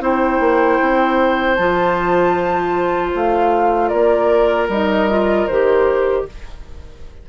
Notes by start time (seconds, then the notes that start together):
0.00 C4 E4 C5 G5
0.40 A#3
0.82 C4
1.55 F3 F4 A5
3.14 A3 F5
3.88 A#3 A#4 D5
4.69 G3 D#4 D#5
5.09 F4
5.47 D#3 G4 C5